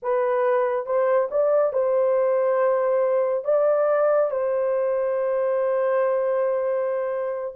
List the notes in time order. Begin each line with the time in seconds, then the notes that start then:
0.02 B4
0.85 C5
1.30 D5
1.73 C5
3.44 D5
4.30 C5